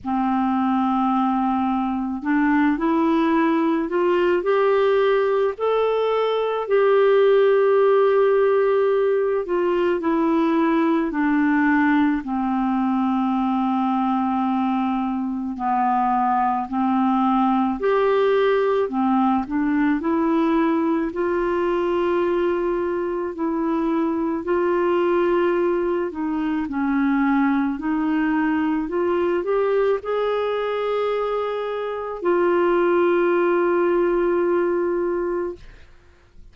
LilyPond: \new Staff \with { instrumentName = "clarinet" } { \time 4/4 \tempo 4 = 54 c'2 d'8 e'4 f'8 | g'4 a'4 g'2~ | g'8 f'8 e'4 d'4 c'4~ | c'2 b4 c'4 |
g'4 c'8 d'8 e'4 f'4~ | f'4 e'4 f'4. dis'8 | cis'4 dis'4 f'8 g'8 gis'4~ | gis'4 f'2. | }